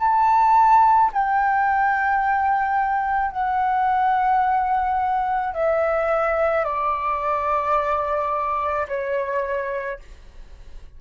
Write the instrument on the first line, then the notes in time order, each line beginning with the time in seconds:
flute
0.00 A5
1.14 G5
3.32 F#5
5.55 E5
6.65 D5
8.88 C#5